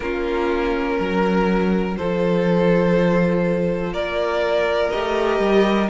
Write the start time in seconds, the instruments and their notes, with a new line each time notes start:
0.00 cello A#3, viola C#4, violin F4 A#4
0.99 cello F#3, violin A#4
1.97 cello F3, viola F4, violin A4 C5
3.92 cello A#3, violin A#4 D5
4.90 cello A3, viola G4, violin D#5
5.39 cello G3